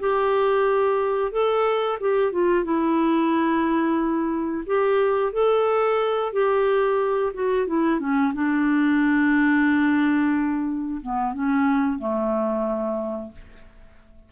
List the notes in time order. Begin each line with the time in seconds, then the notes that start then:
0.00 G4
1.32 A4
2.01 G4
2.32 F4
2.65 E4
4.66 G4
5.33 A4
6.33 G4
7.34 F#4
7.67 E4
8.00 C#4
8.34 D4
11.02 B3
11.34 C#4
11.99 A3